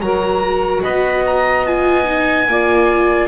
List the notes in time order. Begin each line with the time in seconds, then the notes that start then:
0.00 F#3 F#4 A#4 A#5
0.82 B3 D#5 B5
1.26 A#5
1.66 F4 G#5
2.04 D#4
2.47 A#3 F4 D5